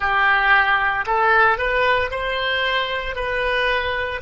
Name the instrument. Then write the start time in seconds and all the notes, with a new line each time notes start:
oboe
0.00 G4
1.06 A4
1.57 B4
2.11 C5
3.15 B4